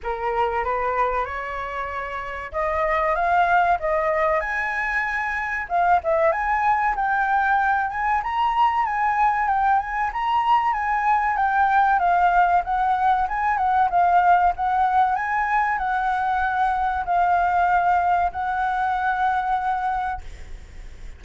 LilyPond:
\new Staff \with { instrumentName = "flute" } { \time 4/4 \tempo 4 = 95 ais'4 b'4 cis''2 | dis''4 f''4 dis''4 gis''4~ | gis''4 f''8 e''8 gis''4 g''4~ | g''8 gis''8 ais''4 gis''4 g''8 gis''8 |
ais''4 gis''4 g''4 f''4 | fis''4 gis''8 fis''8 f''4 fis''4 | gis''4 fis''2 f''4~ | f''4 fis''2. | }